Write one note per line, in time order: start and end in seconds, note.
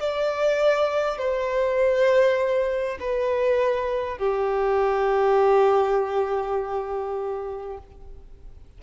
0.00 1.18 D5
1.18 2.98 C5
3.01 4.18 B4
4.18 7.78 G4